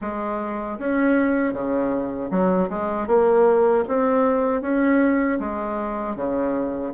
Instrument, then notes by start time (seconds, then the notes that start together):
bassoon
0.01 G#3
0.78 C#4
1.53 C#3
2.30 F#3
2.69 G#3
3.07 A#3
3.88 C4
4.62 C#4
5.39 G#3
6.16 C#3